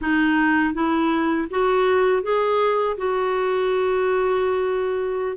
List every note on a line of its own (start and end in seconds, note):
0.01 0.74 D#4
0.74 1.48 E4
1.50 2.22 F#4
2.22 2.96 G#4
2.97 5.36 F#4